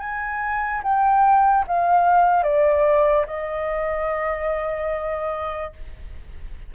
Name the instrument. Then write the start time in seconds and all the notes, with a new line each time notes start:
flute
0.00 G#5
0.83 G5
1.68 F5
2.44 D5
3.27 D#5